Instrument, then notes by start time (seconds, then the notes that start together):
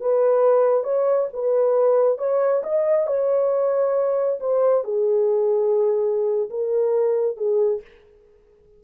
horn
0.00 B4
0.83 C#5
1.33 B4
2.18 C#5
2.63 D#5
3.07 C#5
4.40 C5
4.84 G#4
6.50 A#4
7.37 G#4